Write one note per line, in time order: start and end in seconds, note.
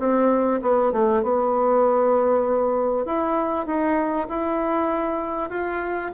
0.00 0.61 C4
0.62 0.93 B3
0.93 1.23 A3
1.23 3.06 B3
3.06 3.67 E4
3.67 4.28 D#4
4.29 5.50 E4
5.50 6.11 F4